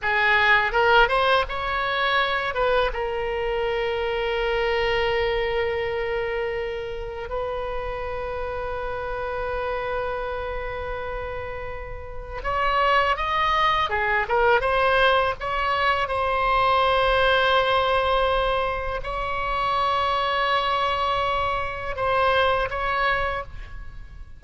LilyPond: \new Staff \with { instrumentName = "oboe" } { \time 4/4 \tempo 4 = 82 gis'4 ais'8 c''8 cis''4. b'8 | ais'1~ | ais'2 b'2~ | b'1~ |
b'4 cis''4 dis''4 gis'8 ais'8 | c''4 cis''4 c''2~ | c''2 cis''2~ | cis''2 c''4 cis''4 | }